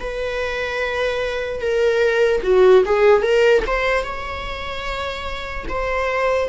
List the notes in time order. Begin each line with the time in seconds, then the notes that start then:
0.00 B4
1.61 A#4
2.43 F#4
2.86 G#4
3.22 A#4
3.67 C5
4.03 C#5
5.69 C5